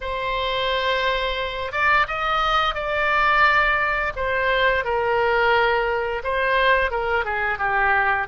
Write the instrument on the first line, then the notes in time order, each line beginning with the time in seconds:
oboe
0.00 C5
1.72 D5
2.07 D#5
2.75 D5
4.16 C5
4.84 A#4
6.23 C5
6.90 A#4
7.24 G#4
7.58 G4